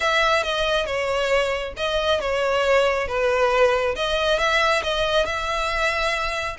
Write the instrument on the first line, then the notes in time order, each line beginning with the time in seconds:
violin
0.00 E5
0.43 D#5
0.86 C#5
1.76 D#5
2.20 C#5
3.07 B4
3.95 D#5
4.38 E5
4.83 D#5
5.25 E5